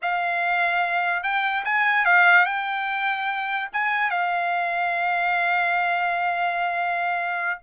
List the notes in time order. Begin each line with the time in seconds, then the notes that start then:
0.01 F5
1.23 G5
1.64 G#5
2.05 F5
2.45 G5
3.72 G#5
4.10 F5